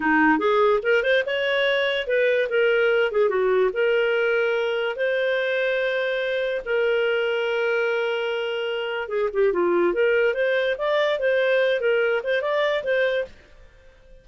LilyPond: \new Staff \with { instrumentName = "clarinet" } { \time 4/4 \tempo 4 = 145 dis'4 gis'4 ais'8 c''8 cis''4~ | cis''4 b'4 ais'4. gis'8 | fis'4 ais'2. | c''1 |
ais'1~ | ais'2 gis'8 g'8 f'4 | ais'4 c''4 d''4 c''4~ | c''8 ais'4 c''8 d''4 c''4 | }